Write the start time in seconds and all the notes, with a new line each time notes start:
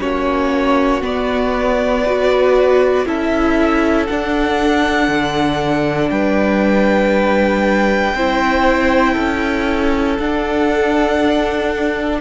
0.00 A#3 C#4 F#4 C#5
1.01 B3 D5
2.04 F#4 B4
3.05 C#4 E4 A4 E5
4.06 D4 F#5
5.08 D3
6.09 G3 B4 G5
8.14 C4 E4 C5
9.13 C#4 A4
10.19 D4 F#5